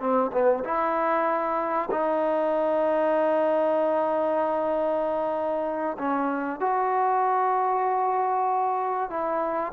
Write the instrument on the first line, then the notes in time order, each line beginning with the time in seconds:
trombone
0.00 C4
0.32 B3
0.64 E4
1.91 D#4
5.98 C#4
6.60 F#4
9.10 E4